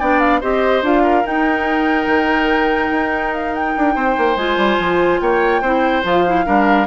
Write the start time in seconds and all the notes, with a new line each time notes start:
0.00 B3 D4 D5 G5
0.20 F5
0.41 C4 G4 C5 D#5
0.83 D4 F4 F5
1.03 A#4
1.24 D#4 G5
2.07 D#3
2.91 D#4
3.34 F5
3.55 G5
3.78 D4
3.96 C4 C5
4.18 A#3
4.36 G#3 F4 G#5
4.57 G3
4.80 F3
5.21 A#3 C#5 G5
5.62 C4 E4 C5
6.04 F3 F4 F5
6.27 E4
6.46 G3 D4 A#4